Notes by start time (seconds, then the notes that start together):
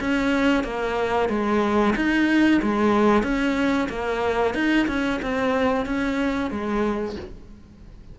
0.00 C#4
0.64 A#3
1.29 G#3
1.96 D#4
2.62 G#3
3.23 C#4
3.89 A#3
4.54 D#4
4.87 C#4
5.22 C4
5.86 C#4
6.50 G#3